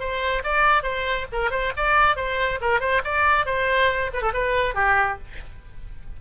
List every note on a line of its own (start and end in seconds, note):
0.00 0.43 C5
0.44 0.83 D5
0.83 1.27 C5
1.33 1.51 A#4
1.51 1.73 C5
1.77 2.17 D5
2.17 2.60 C5
2.61 2.81 A#4
2.81 3.02 C5
3.05 3.46 D5
3.46 4.11 C5
4.14 4.22 B4
4.22 4.33 A4
4.34 4.75 B4
4.75 5.18 G4